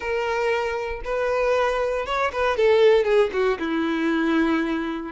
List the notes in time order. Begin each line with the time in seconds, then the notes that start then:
0.00 A#4
1.04 B4
2.06 C#5
2.32 B4
2.56 A4
3.04 G#4
3.32 F#4
3.59 E4